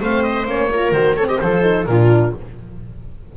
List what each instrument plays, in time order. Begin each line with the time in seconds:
0.00 double bass A3, horn C4, viola C5, oboe F5
0.23 oboe D#5
0.46 double bass A#3, horn C#4, oboe C#5
0.73 horn F4, viola A#4
0.92 double bass D#3, horn F#4, oboe C5
1.16 horn C4, viola A4, oboe C#5
1.28 viola G4, oboe D#5
1.40 double bass F3, horn F4, viola A4, oboe C5
1.62 horn D#4
1.86 double bass A#2, horn D4, viola F4, oboe A#4